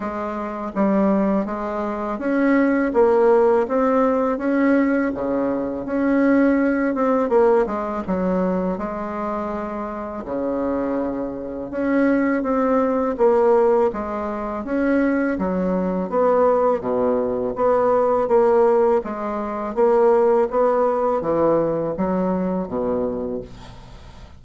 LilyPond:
\new Staff \with { instrumentName = "bassoon" } { \time 4/4 \tempo 4 = 82 gis4 g4 gis4 cis'4 | ais4 c'4 cis'4 cis4 | cis'4. c'8 ais8 gis8 fis4 | gis2 cis2 |
cis'4 c'4 ais4 gis4 | cis'4 fis4 b4 b,4 | b4 ais4 gis4 ais4 | b4 e4 fis4 b,4 | }